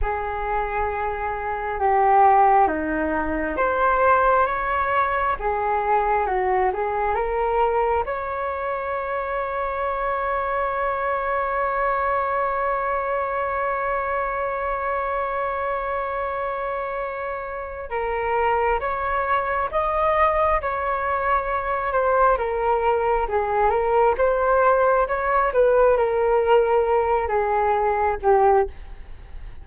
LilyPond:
\new Staff \with { instrumentName = "flute" } { \time 4/4 \tempo 4 = 67 gis'2 g'4 dis'4 | c''4 cis''4 gis'4 fis'8 gis'8 | ais'4 cis''2.~ | cis''1~ |
cis''1 | ais'4 cis''4 dis''4 cis''4~ | cis''8 c''8 ais'4 gis'8 ais'8 c''4 | cis''8 b'8 ais'4. gis'4 g'8 | }